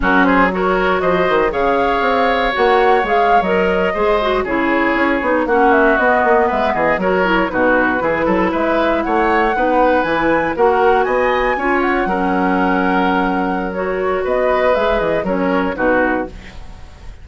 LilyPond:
<<
  \new Staff \with { instrumentName = "flute" } { \time 4/4 \tempo 4 = 118 ais'8 c''8 cis''4 dis''4 f''4~ | f''4 fis''4 f''8. dis''4~ dis''16~ | dis''8. cis''2 fis''8 e''8 dis''16~ | dis''8. e''8 dis''8 cis''4 b'4~ b'16~ |
b'8. e''4 fis''2 gis''16~ | gis''8. fis''4 gis''4. fis''8.~ | fis''2. cis''4 | dis''4 e''8 dis''8 cis''4 b'4 | }
  \new Staff \with { instrumentName = "oboe" } { \time 4/4 fis'8 gis'8 ais'4 c''4 cis''4~ | cis''2.~ cis''8. c''16~ | c''8. gis'2 fis'4~ fis'16~ | fis'8. b'8 gis'8 ais'4 fis'4 gis'16~ |
gis'16 a'8 b'4 cis''4 b'4~ b'16~ | b'8. ais'4 dis''4 cis''4 ais'16~ | ais'1 | b'2 ais'4 fis'4 | }
  \new Staff \with { instrumentName = "clarinet" } { \time 4/4 cis'4 fis'2 gis'4~ | gis'4 fis'4 gis'8. ais'4 gis'16~ | gis'16 fis'8 e'4. dis'8 cis'4 b16~ | b4.~ b16 fis'8 e'8 dis'4 e'16~ |
e'2~ e'8. dis'4 e'16~ | e'8. fis'2 f'4 cis'16~ | cis'2. fis'4~ | fis'4 gis'4 cis'4 dis'4 | }
  \new Staff \with { instrumentName = "bassoon" } { \time 4/4 fis2 f8 dis8 cis4 | c'4 ais4 gis8. fis4 gis16~ | gis8. cis4 cis'8 b8 ais4 b16~ | b16 ais8 gis8 e8 fis4 b,4 e16~ |
e16 fis8 gis4 a4 b4 e16~ | e8. ais4 b4 cis'4 fis16~ | fis1 | b4 gis8 e8 fis4 b,4 | }
>>